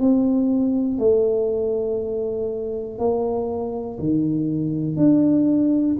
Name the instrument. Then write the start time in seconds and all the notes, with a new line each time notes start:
tuba
0.00 C4
0.99 A3
2.98 A#3
3.99 D#3
4.96 D4